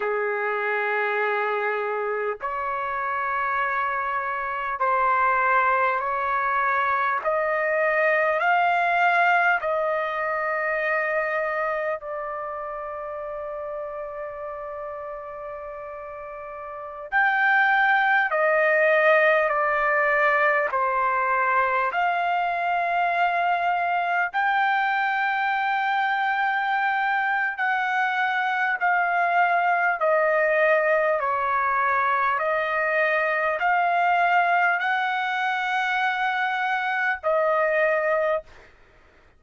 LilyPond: \new Staff \with { instrumentName = "trumpet" } { \time 4/4 \tempo 4 = 50 gis'2 cis''2 | c''4 cis''4 dis''4 f''4 | dis''2 d''2~ | d''2~ d''16 g''4 dis''8.~ |
dis''16 d''4 c''4 f''4.~ f''16~ | f''16 g''2~ g''8. fis''4 | f''4 dis''4 cis''4 dis''4 | f''4 fis''2 dis''4 | }